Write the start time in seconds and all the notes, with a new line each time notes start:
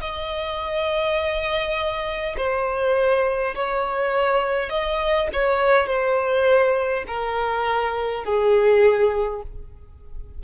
0.00 D#5
2.36 C5
3.55 C#5
4.69 D#5
5.33 C#5
5.86 C5
7.07 A#4
8.24 G#4